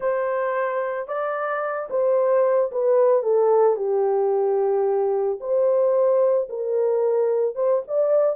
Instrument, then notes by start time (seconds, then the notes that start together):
horn
0.00 C5
1.07 D5
1.89 C5
2.71 B4
3.22 A4
3.76 G4
5.40 C5
6.49 A#4
7.55 C5
7.87 D5